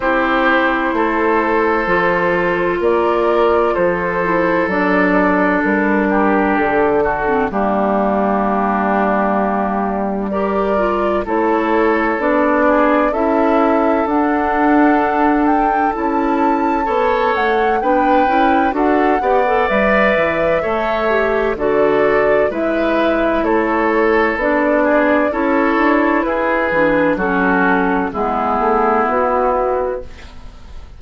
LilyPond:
<<
  \new Staff \with { instrumentName = "flute" } { \time 4/4 \tempo 4 = 64 c''2. d''4 | c''4 d''4 ais'4 a'4 | g'2. d''4 | cis''4 d''4 e''4 fis''4~ |
fis''8 g''8 a''4. fis''8 g''4 | fis''4 e''2 d''4 | e''4 cis''4 d''4 cis''4 | b'4 a'4 gis'4 fis'4 | }
  \new Staff \with { instrumentName = "oboe" } { \time 4/4 g'4 a'2 ais'4 | a'2~ a'8 g'4 fis'8 | d'2. ais'4 | a'4. gis'8 a'2~ |
a'2 cis''4 b'4 | a'8 d''4. cis''4 a'4 | b'4 a'4. gis'8 a'4 | gis'4 fis'4 e'2 | }
  \new Staff \with { instrumentName = "clarinet" } { \time 4/4 e'2 f'2~ | f'8 e'8 d'2~ d'8. c'16 | ais2. g'8 f'8 | e'4 d'4 e'4 d'4~ |
d'4 e'4 a'4 d'8 e'8 | fis'8 g'16 a'16 b'4 a'8 g'8 fis'4 | e'2 d'4 e'4~ | e'8 d'8 cis'4 b2 | }
  \new Staff \with { instrumentName = "bassoon" } { \time 4/4 c'4 a4 f4 ais4 | f4 fis4 g4 d4 | g1 | a4 b4 cis'4 d'4~ |
d'4 cis'4 b8 a8 b8 cis'8 | d'8 b8 g8 e8 a4 d4 | gis4 a4 b4 cis'8 d'8 | e'8 e8 fis4 gis8 a8 b4 | }
>>